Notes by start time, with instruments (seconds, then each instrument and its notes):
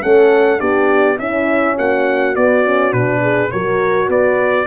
0.00 tuba A3, horn C#4 A4, trumpet F#5
0.58 tuba B3, horn D4 G4, trumpet D5
1.18 tuba C#4, horn C#4 E4, trumpet E5
1.77 tuba A#3, horn F#4, trumpet F#5
2.35 horn B3, tuba B3, trumpet D5
2.65 horn C#4
2.92 tuba B2, horn D4, trumpet B4
3.21 horn G#4
3.51 tuba F#3, horn F#4 A#4, trumpet C#5
4.08 tuba B3, horn B4, trumpet D5